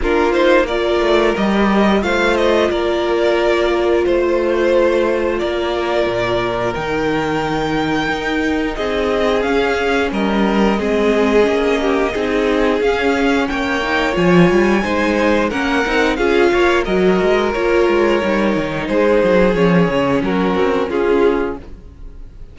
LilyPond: <<
  \new Staff \with { instrumentName = "violin" } { \time 4/4 \tempo 4 = 89 ais'8 c''8 d''4 dis''4 f''8 dis''8 | d''2 c''2 | d''2 g''2~ | g''4 dis''4 f''4 dis''4~ |
dis''2. f''4 | g''4 gis''2 fis''4 | f''4 dis''4 cis''2 | c''4 cis''4 ais'4 gis'4 | }
  \new Staff \with { instrumentName = "violin" } { \time 4/4 f'4 ais'2 c''4 | ais'2 c''2 | ais'1~ | ais'4 gis'2 ais'4 |
gis'4. g'8 gis'2 | cis''2 c''4 ais'4 | gis'8 cis''8 ais'2. | gis'2 fis'4 f'4 | }
  \new Staff \with { instrumentName = "viola" } { \time 4/4 d'8 dis'8 f'4 g'4 f'4~ | f'1~ | f'2 dis'2~ | dis'2 cis'2 |
c'4 cis'4 dis'4 cis'4~ | cis'8 dis'8 f'4 dis'4 cis'8 dis'8 | f'4 fis'4 f'4 dis'4~ | dis'4 cis'2. | }
  \new Staff \with { instrumentName = "cello" } { \time 4/4 ais4. a8 g4 a4 | ais2 a2 | ais4 ais,4 dis2 | dis'4 c'4 cis'4 g4 |
gis4 ais4 c'4 cis'4 | ais4 f8 g8 gis4 ais8 c'8 | cis'8 ais8 fis8 gis8 ais8 gis8 g8 dis8 | gis8 fis8 f8 cis8 fis8 c'8 cis'4 | }
>>